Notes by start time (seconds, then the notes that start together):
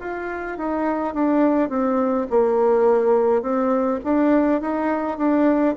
0.00 F4
0.58 D#4
1.14 D4
1.69 C4
2.30 A#3
3.42 C4
4.04 D4
4.62 D#4
5.18 D4